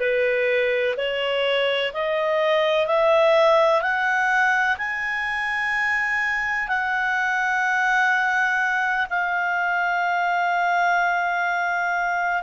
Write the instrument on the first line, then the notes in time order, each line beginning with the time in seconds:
clarinet
0.00 B4
0.97 C#5
1.94 D#5
2.87 E5
3.82 F#5
4.78 G#5
6.69 F#5
9.10 F5